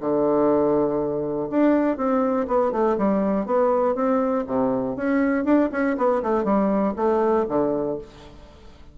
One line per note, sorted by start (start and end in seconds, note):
0.00 1.49 D3
1.50 1.97 D4
1.97 2.47 C4
2.47 2.72 B3
2.72 2.96 A3
2.98 3.46 G3
3.46 3.95 B3
3.95 4.44 C4
4.47 4.96 C3
4.96 5.45 C#4
5.45 5.70 D4
5.72 5.97 C#4
5.97 6.22 B3
6.23 6.44 A3
6.44 6.94 G3
6.96 7.46 A3
7.49 7.98 D3